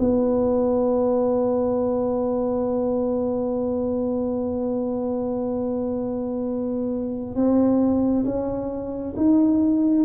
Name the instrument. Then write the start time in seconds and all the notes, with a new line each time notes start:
tuba
0.00 B3
7.35 C4
8.25 C#4
9.17 D#4